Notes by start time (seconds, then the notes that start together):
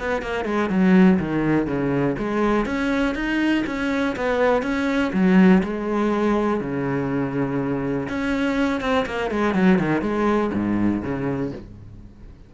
0.00 B3
0.22 A#3
0.45 G#3
0.70 F#3
1.20 D#3
1.67 C#3
2.19 G#3
2.66 C#4
3.15 D#4
3.67 C#4
4.16 B3
4.63 C#4
5.14 F#3
5.64 G#3
6.61 C#3
8.09 C#4
8.81 C4
9.07 A#3
9.31 G#3
9.55 F#3
9.79 D#3
10.02 G#3
10.54 G#2
11.03 C#3